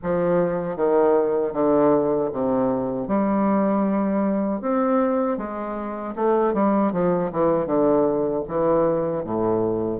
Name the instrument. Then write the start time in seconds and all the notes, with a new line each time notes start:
bassoon
0.02 F3
0.76 D#3
1.53 D3
2.32 C3
3.07 G3
4.61 C4
5.37 G#3
6.15 A3
6.53 G3
6.92 F3
7.32 E3
7.66 D3
8.48 E3
9.23 A2